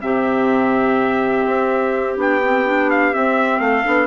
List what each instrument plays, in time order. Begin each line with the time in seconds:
0.00 bassoon C3, clarinet C4 G4, trumpet E5
1.47 bassoon C4
2.16 bassoon B3, clarinet D4, trumpet G5
2.44 clarinet C4
2.66 clarinet D4
2.91 trumpet F5
3.13 clarinet C4, bassoon C4, trumpet E5
3.60 bassoon A3, clarinet A4, trumpet F5
3.84 bassoon B3, clarinet D4